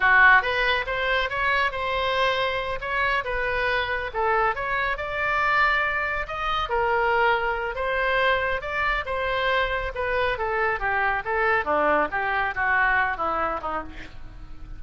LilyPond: \new Staff \with { instrumentName = "oboe" } { \time 4/4 \tempo 4 = 139 fis'4 b'4 c''4 cis''4 | c''2~ c''8 cis''4 b'8~ | b'4. a'4 cis''4 d''8~ | d''2~ d''8 dis''4 ais'8~ |
ais'2 c''2 | d''4 c''2 b'4 | a'4 g'4 a'4 d'4 | g'4 fis'4. e'4 dis'8 | }